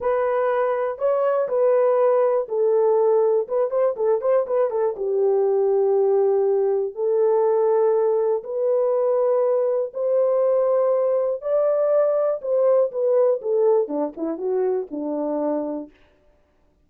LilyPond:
\new Staff \with { instrumentName = "horn" } { \time 4/4 \tempo 4 = 121 b'2 cis''4 b'4~ | b'4 a'2 b'8 c''8 | a'8 c''8 b'8 a'8 g'2~ | g'2 a'2~ |
a'4 b'2. | c''2. d''4~ | d''4 c''4 b'4 a'4 | d'8 e'8 fis'4 d'2 | }